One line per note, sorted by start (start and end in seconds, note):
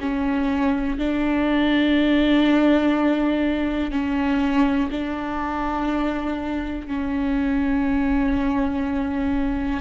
0.00 0.98 C#4
0.98 3.91 D4
3.91 4.89 C#4
4.91 6.87 D4
6.87 9.80 C#4